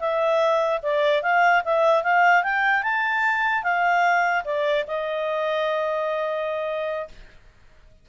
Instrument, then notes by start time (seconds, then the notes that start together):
clarinet
0.00 E5
0.83 D5
1.23 F5
1.65 E5
2.04 F5
2.44 G5
2.83 A5
3.63 F5
4.45 D5
4.87 D#5